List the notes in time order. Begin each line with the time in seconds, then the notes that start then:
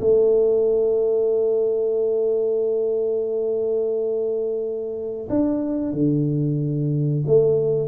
0.00 A3
5.29 D4
5.92 D3
7.26 A3